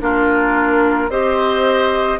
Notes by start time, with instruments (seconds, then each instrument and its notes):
0.00 bassoon A#3, clarinet D4, oboe F4, flute A#4
1.09 bassoon C4, clarinet G4, oboe C5, flute D#5